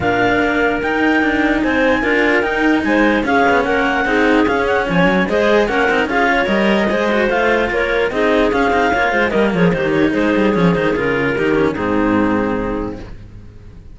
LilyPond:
<<
  \new Staff \with { instrumentName = "clarinet" } { \time 4/4 \tempo 4 = 148 f''2 g''2 | gis''2 g''4 gis''4 | f''4 fis''2 f''8 fis''8 | gis''4 dis''4 fis''4 f''4 |
dis''2 f''4 cis''4 | dis''4 f''2 dis''8 cis''8 | c''8 cis''8 c''4 cis''8 c''8 ais'4~ | ais'4 gis'2. | }
  \new Staff \with { instrumentName = "clarinet" } { \time 4/4 ais'1 | c''4 ais'2 c''4 | gis'4 ais'4 gis'2 | cis''4 c''4 ais'4 gis'8 cis''8~ |
cis''4 c''2 ais'4 | gis'2 cis''8 c''8 ais'8 gis'8 | g'4 gis'2. | g'4 dis'2. | }
  \new Staff \with { instrumentName = "cello" } { \time 4/4 d'2 dis'2~ | dis'4 f'4 dis'2 | cis'2 dis'4 cis'4~ | cis'4 gis'4 cis'8 dis'8 f'4 |
ais'4 gis'8 fis'8 f'2 | dis'4 cis'8 dis'8 f'4 ais4 | dis'2 cis'8 dis'8 f'4 | dis'8 cis'8 c'2. | }
  \new Staff \with { instrumentName = "cello" } { \time 4/4 ais,4 ais4 dis'4 d'4 | c'4 d'4 dis'4 gis4 | cis'8 b8 ais4 c'4 cis'4 | f8 fis8 gis4 ais8 c'8 cis'4 |
g4 gis4 a4 ais4 | c'4 cis'8 c'8 ais8 gis8 g8 f8 | dis4 gis8 g8 f8 dis8 cis4 | dis4 gis,2. | }
>>